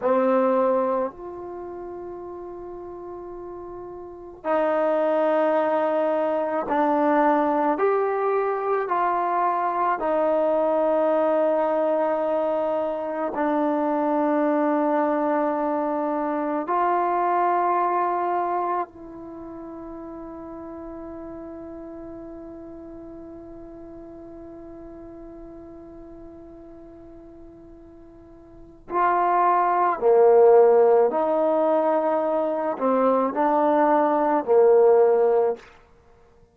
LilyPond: \new Staff \with { instrumentName = "trombone" } { \time 4/4 \tempo 4 = 54 c'4 f'2. | dis'2 d'4 g'4 | f'4 dis'2. | d'2. f'4~ |
f'4 e'2.~ | e'1~ | e'2 f'4 ais4 | dis'4. c'8 d'4 ais4 | }